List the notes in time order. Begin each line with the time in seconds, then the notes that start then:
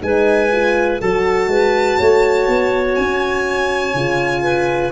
0.00 G#3 D#4 B4 G#5
0.52 F4
1.01 F#3 F#4 A4 A5
1.48 G#3 B4
1.99 A3 C#5
2.48 B3
2.95 C#4 G#5
3.94 C#3 F4
4.43 B4